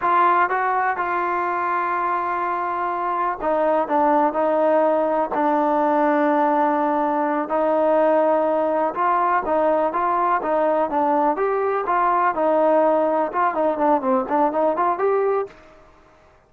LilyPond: \new Staff \with { instrumentName = "trombone" } { \time 4/4 \tempo 4 = 124 f'4 fis'4 f'2~ | f'2. dis'4 | d'4 dis'2 d'4~ | d'2.~ d'8 dis'8~ |
dis'2~ dis'8 f'4 dis'8~ | dis'8 f'4 dis'4 d'4 g'8~ | g'8 f'4 dis'2 f'8 | dis'8 d'8 c'8 d'8 dis'8 f'8 g'4 | }